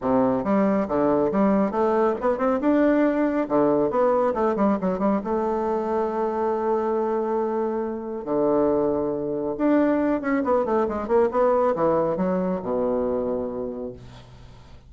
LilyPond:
\new Staff \with { instrumentName = "bassoon" } { \time 4/4 \tempo 4 = 138 c4 g4 d4 g4 | a4 b8 c'8 d'2 | d4 b4 a8 g8 fis8 g8 | a1~ |
a2. d4~ | d2 d'4. cis'8 | b8 a8 gis8 ais8 b4 e4 | fis4 b,2. | }